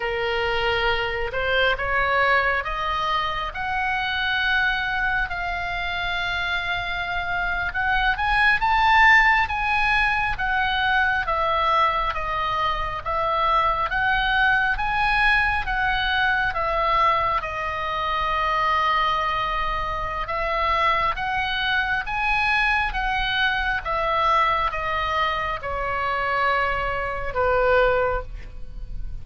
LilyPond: \new Staff \with { instrumentName = "oboe" } { \time 4/4 \tempo 4 = 68 ais'4. c''8 cis''4 dis''4 | fis''2 f''2~ | f''8. fis''8 gis''8 a''4 gis''4 fis''16~ | fis''8. e''4 dis''4 e''4 fis''16~ |
fis''8. gis''4 fis''4 e''4 dis''16~ | dis''2. e''4 | fis''4 gis''4 fis''4 e''4 | dis''4 cis''2 b'4 | }